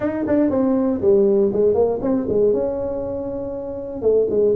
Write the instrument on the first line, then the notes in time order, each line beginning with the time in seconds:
tuba
0.00 D#4
0.27 D4
0.50 C4
1.01 G3
1.52 G#3
1.74 A#3
2.01 C4
2.28 G#3
2.53 C#4
4.02 A3
4.29 G#3